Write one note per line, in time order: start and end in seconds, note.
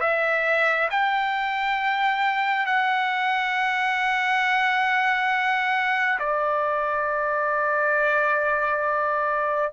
0.00 0.88 E5
0.90 2.66 G5
2.66 6.18 F#5
6.19 9.72 D5